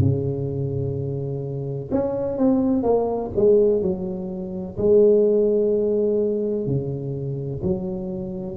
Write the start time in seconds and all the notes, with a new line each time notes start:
0.00 C#3
1.92 C#4
2.38 C4
2.84 A#3
3.36 G#3
3.82 F#3
4.78 G#3
6.67 C#3
7.64 F#3